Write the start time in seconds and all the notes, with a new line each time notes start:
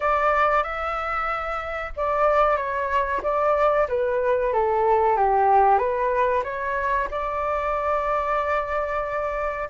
0.00 D5
0.63 E5
1.96 D5
2.56 C#5
3.23 D5
3.88 B4
4.53 A4
5.16 G4
5.78 B4
6.43 C#5
7.10 D5